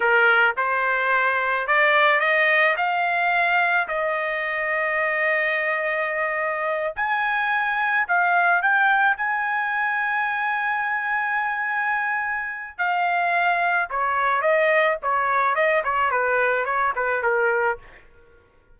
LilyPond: \new Staff \with { instrumentName = "trumpet" } { \time 4/4 \tempo 4 = 108 ais'4 c''2 d''4 | dis''4 f''2 dis''4~ | dis''1~ | dis''8 gis''2 f''4 g''8~ |
g''8 gis''2.~ gis''8~ | gis''2. f''4~ | f''4 cis''4 dis''4 cis''4 | dis''8 cis''8 b'4 cis''8 b'8 ais'4 | }